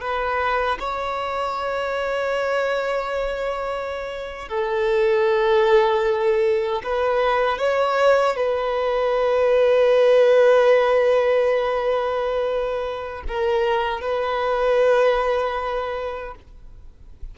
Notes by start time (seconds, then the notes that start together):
0.00 B4
0.79 C#5
4.48 A4
6.83 B4
7.58 C#5
8.36 B4
13.28 A#4
14.01 B4